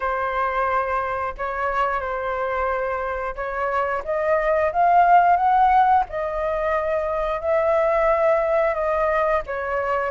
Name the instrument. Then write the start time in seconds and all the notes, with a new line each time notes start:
flute
0.00 C5
1.37 C#5
2.00 C5
3.35 C#5
4.04 D#5
4.72 F5
5.36 F#5
6.09 D#5
7.40 E5
8.74 D#5
9.46 C#5